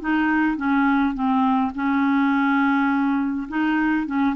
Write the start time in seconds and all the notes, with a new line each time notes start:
0.00 D#4
0.57 C#4
1.14 C4
1.74 C#4
3.48 D#4
4.06 C#4